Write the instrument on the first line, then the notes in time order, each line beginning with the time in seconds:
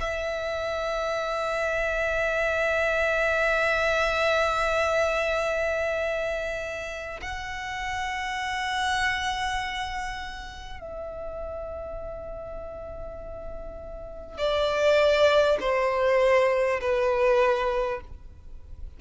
violin
0.00 E5
7.22 F#5
10.80 E5
14.38 D5
15.60 C5
16.81 B4